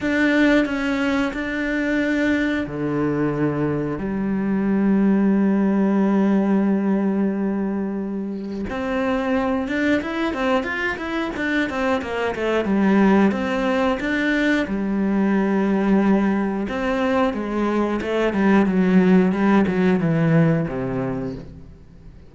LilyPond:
\new Staff \with { instrumentName = "cello" } { \time 4/4 \tempo 4 = 90 d'4 cis'4 d'2 | d2 g2~ | g1~ | g4 c'4. d'8 e'8 c'8 |
f'8 e'8 d'8 c'8 ais8 a8 g4 | c'4 d'4 g2~ | g4 c'4 gis4 a8 g8 | fis4 g8 fis8 e4 c4 | }